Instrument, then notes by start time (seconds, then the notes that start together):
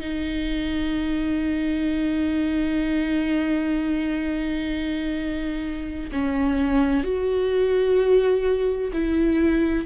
viola
0.00 D#4
6.12 C#4
7.04 F#4
8.92 E4